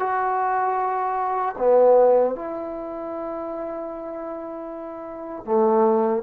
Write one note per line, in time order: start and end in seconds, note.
0.00 1.56 F#4
1.58 2.36 B3
2.36 5.45 E4
5.45 6.23 A3